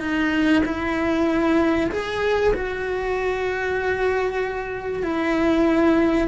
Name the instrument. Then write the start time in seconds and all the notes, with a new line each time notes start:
cello
0.00 D#4
0.65 E4
1.91 G#4
2.54 F#4
5.03 E4